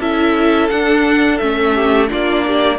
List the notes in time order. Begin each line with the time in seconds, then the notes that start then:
0.00 C#4 E4 A4 E5
0.69 D4 F#5
1.38 A3 C#4 E5
1.74 G4
2.08 A#3 D4 F4 D5
2.47 G4